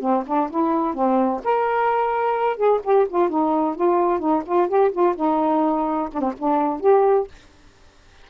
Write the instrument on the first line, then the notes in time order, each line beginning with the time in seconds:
saxophone
0.00 C4
0.26 D4
0.50 E4
0.94 C4
1.44 A#4
2.56 G#4
2.84 G4
3.09 F4
3.29 D#4
3.75 F4
4.19 D#4
4.46 F4
4.68 G4
4.92 F4
5.15 D#4
6.13 D4
6.21 C4
6.38 D4
6.80 G4